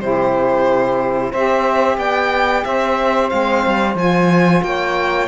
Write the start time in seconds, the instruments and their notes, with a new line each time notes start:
0.00 cello C3, saxophone E4 G4, violin C5
1.30 cello C4, saxophone G4 C5, violin E5
1.97 cello B3, saxophone D5, violin G5
2.64 cello C4, saxophone C5, violin E5
3.29 cello G#3, saxophone C4, violin F5
3.66 cello G3
3.95 cello F3, saxophone F4, violin G#5
4.63 cello A#3, saxophone C#5, violin G5